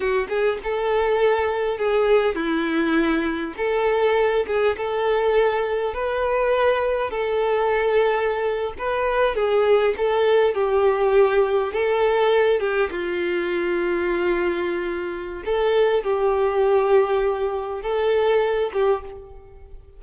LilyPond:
\new Staff \with { instrumentName = "violin" } { \time 4/4 \tempo 4 = 101 fis'8 gis'8 a'2 gis'4 | e'2 a'4. gis'8 | a'2 b'2 | a'2~ a'8. b'4 gis'16~ |
gis'8. a'4 g'2 a'16~ | a'4~ a'16 g'8 f'2~ f'16~ | f'2 a'4 g'4~ | g'2 a'4. g'8 | }